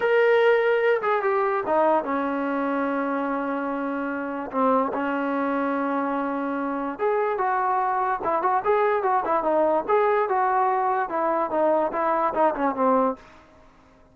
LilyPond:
\new Staff \with { instrumentName = "trombone" } { \time 4/4 \tempo 4 = 146 ais'2~ ais'8 gis'8 g'4 | dis'4 cis'2.~ | cis'2. c'4 | cis'1~ |
cis'4 gis'4 fis'2 | e'8 fis'8 gis'4 fis'8 e'8 dis'4 | gis'4 fis'2 e'4 | dis'4 e'4 dis'8 cis'8 c'4 | }